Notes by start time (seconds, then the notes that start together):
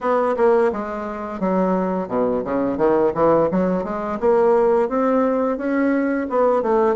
0.00 B3
0.36 A#3
0.72 G#3
1.40 F#3
2.07 B2
2.44 C#3
2.77 D#3
3.14 E3
3.51 F#3
3.83 G#3
4.20 A#3
4.88 C4
5.57 C#4
6.29 B3
6.62 A3